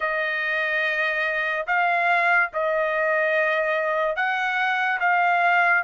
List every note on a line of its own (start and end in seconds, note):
0.00 1.66 D#5
1.67 2.50 F5
2.53 4.16 D#5
4.16 4.99 F#5
5.00 5.83 F5